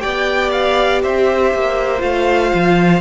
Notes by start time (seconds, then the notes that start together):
0.00 B3 G4 D5 G5
0.52 F5
1.03 C4 C5 E5
1.54 A#3
1.99 A3 F4 F5
2.54 F3